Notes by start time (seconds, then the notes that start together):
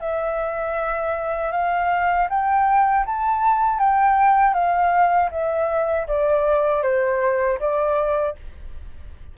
0.00 E5
1.52 F5
2.30 G5
3.06 A5
3.79 G5
4.54 F5
5.32 E5
6.08 D5
6.83 C5
7.60 D5